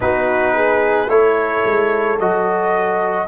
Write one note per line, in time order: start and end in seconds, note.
0.00 1.07 B3
0.00 1.08 D#4
0.00 0.54 F#4
0.00 1.09 B4
0.54 1.09 G#4
1.07 1.62 A3
1.07 2.17 E4
1.07 3.27 A4
1.07 2.18 C#5
1.64 2.19 G#3
2.19 3.27 F#3
2.19 3.27 F#4
2.19 3.27 D#5